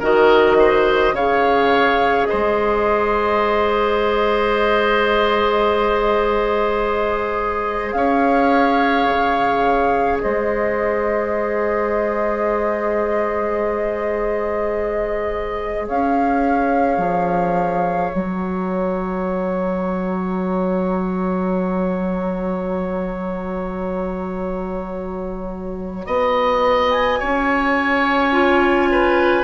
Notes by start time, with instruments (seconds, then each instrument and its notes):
0.00 bassoon D#3, clarinet F#4, oboe A#4, flute D#5
0.59 oboe C5
1.13 bassoon C#3, clarinet G#4, oboe C#5, flute F5
2.26 oboe C5, flute D#5
2.33 bassoon G#3
7.92 bassoon C#4, oboe C#5, flute F5
9.09 bassoon C#3
10.21 bassoon G#3, oboe C5, flute D#5
15.87 bassoon C#4, oboe C#5, flute F5
16.98 bassoon F3
18.14 bassoon F#3, clarinet F#4, flute A#5
26.06 bassoon B3, oboe D#5
26.91 flute G#5
27.19 bassoon C#4, oboe C#5
28.32 clarinet F4
28.91 oboe B4